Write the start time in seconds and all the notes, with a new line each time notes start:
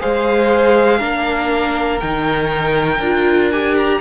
0.00 G#3 G#4 C5 F5
0.98 A#3 D4 A#4
1.99 D#3 D#4 G5
2.99 D4 F4
3.50 G4 G#5
3.76 A#5